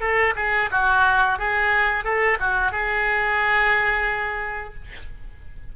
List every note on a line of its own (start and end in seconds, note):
0.00 0.34 A4
0.36 0.69 G#4
0.71 1.38 F#4
1.39 2.04 G#4
2.04 2.37 A4
2.39 2.72 F#4
2.72 4.74 G#4